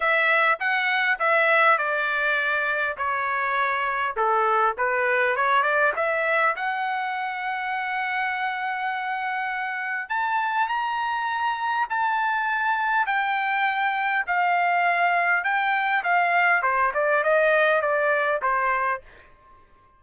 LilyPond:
\new Staff \with { instrumentName = "trumpet" } { \time 4/4 \tempo 4 = 101 e''4 fis''4 e''4 d''4~ | d''4 cis''2 a'4 | b'4 cis''8 d''8 e''4 fis''4~ | fis''1~ |
fis''4 a''4 ais''2 | a''2 g''2 | f''2 g''4 f''4 | c''8 d''8 dis''4 d''4 c''4 | }